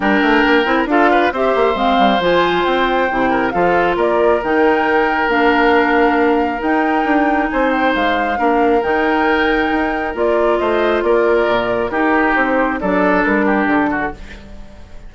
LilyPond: <<
  \new Staff \with { instrumentName = "flute" } { \time 4/4 \tempo 4 = 136 g''2 f''4 e''4 | f''4 gis''4 g''2 | f''4 d''4 g''2 | f''2. g''4~ |
g''4 gis''8 g''8 f''2 | g''2. d''4 | dis''4 d''2 ais'4 | c''4 d''4 ais'4 a'4 | }
  \new Staff \with { instrumentName = "oboe" } { \time 4/4 ais'2 a'8 b'8 c''4~ | c''2.~ c''8 ais'8 | a'4 ais'2.~ | ais'1~ |
ais'4 c''2 ais'4~ | ais'1 | c''4 ais'2 g'4~ | g'4 a'4. g'4 fis'8 | }
  \new Staff \with { instrumentName = "clarinet" } { \time 4/4 d'4. e'8 f'4 g'4 | c'4 f'2 e'4 | f'2 dis'2 | d'2. dis'4~ |
dis'2. d'4 | dis'2. f'4~ | f'2. dis'4~ | dis'4 d'2. | }
  \new Staff \with { instrumentName = "bassoon" } { \time 4/4 g8 a8 ais8 c'8 d'4 c'8 ais8 | gis8 g8 f4 c'4 c4 | f4 ais4 dis2 | ais2. dis'4 |
d'4 c'4 gis4 ais4 | dis2 dis'4 ais4 | a4 ais4 ais,4 dis'4 | c'4 fis4 g4 d4 | }
>>